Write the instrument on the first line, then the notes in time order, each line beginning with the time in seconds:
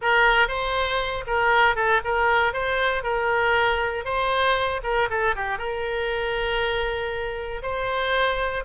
oboe
0.01 A#4
0.48 C5
1.27 A#4
1.75 A4
2.04 A#4
2.53 C5
3.03 A#4
4.04 C5
4.83 A#4
5.09 A4
5.35 G4
5.58 A#4
7.62 C5